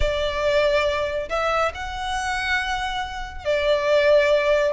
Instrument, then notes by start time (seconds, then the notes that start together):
violin
0.00 D5
1.29 E5
1.74 F#5
3.44 D5